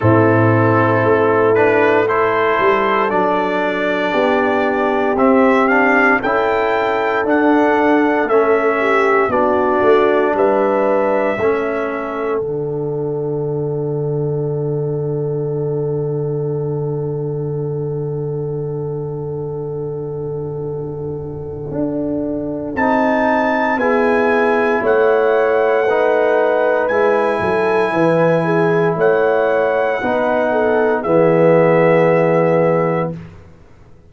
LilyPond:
<<
  \new Staff \with { instrumentName = "trumpet" } { \time 4/4 \tempo 4 = 58 a'4. b'8 c''4 d''4~ | d''4 e''8 f''8 g''4 fis''4 | e''4 d''4 e''2 | fis''1~ |
fis''1~ | fis''2 a''4 gis''4 | fis''2 gis''2 | fis''2 e''2 | }
  \new Staff \with { instrumentName = "horn" } { \time 4/4 e'2 a'2 | g'2 a'2~ | a'8 g'8 fis'4 b'4 a'4~ | a'1~ |
a'1~ | a'2. gis'4 | cis''4 b'4. a'8 b'8 gis'8 | cis''4 b'8 a'8 gis'2 | }
  \new Staff \with { instrumentName = "trombone" } { \time 4/4 c'4. d'8 e'4 d'4~ | d'4 c'8 d'8 e'4 d'4 | cis'4 d'2 cis'4 | d'1~ |
d'1~ | d'2 dis'4 e'4~ | e'4 dis'4 e'2~ | e'4 dis'4 b2 | }
  \new Staff \with { instrumentName = "tuba" } { \time 4/4 a,4 a4. g8 fis4 | b4 c'4 cis'4 d'4 | a4 b8 a8 g4 a4 | d1~ |
d1~ | d4 d'4 c'4 b4 | a2 gis8 fis8 e4 | a4 b4 e2 | }
>>